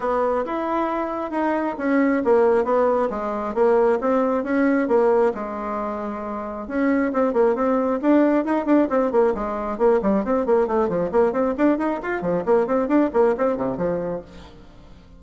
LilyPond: \new Staff \with { instrumentName = "bassoon" } { \time 4/4 \tempo 4 = 135 b4 e'2 dis'4 | cis'4 ais4 b4 gis4 | ais4 c'4 cis'4 ais4 | gis2. cis'4 |
c'8 ais8 c'4 d'4 dis'8 d'8 | c'8 ais8 gis4 ais8 g8 c'8 ais8 | a8 f8 ais8 c'8 d'8 dis'8 f'8 f8 | ais8 c'8 d'8 ais8 c'8 c8 f4 | }